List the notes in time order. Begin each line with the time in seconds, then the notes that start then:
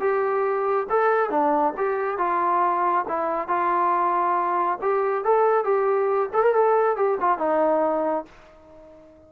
0.00 G4
0.90 A4
1.30 D4
1.77 G4
2.18 F4
3.08 E4
3.48 F4
4.82 G4
5.25 A4
5.64 G4
6.33 A4
6.43 A#4
6.54 A4
6.97 G4
7.21 F4
7.39 D#4